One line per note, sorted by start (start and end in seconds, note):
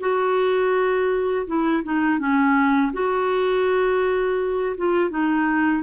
0.00 1.46 F#4
1.47 1.83 E4
1.83 2.19 D#4
2.19 2.92 C#4
2.93 4.76 F#4
4.77 5.10 F4
5.10 5.83 D#4